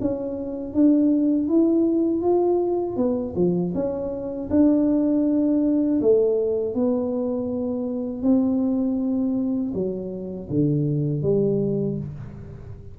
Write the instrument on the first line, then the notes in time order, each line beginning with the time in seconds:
tuba
0.00 C#4
0.73 D4
1.48 E4
2.21 F4
2.96 B3
3.35 F3
3.74 C#4
4.50 D4
6.01 A3
6.74 B3
8.22 C4
9.73 F#3
10.49 D3
11.22 G3